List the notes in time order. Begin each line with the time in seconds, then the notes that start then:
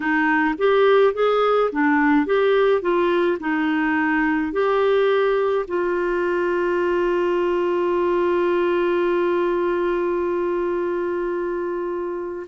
0.00 D#4
0.58 G4
1.13 G#4
1.72 D4
2.25 G4
2.81 F4
3.40 D#4
4.52 G4
5.67 F4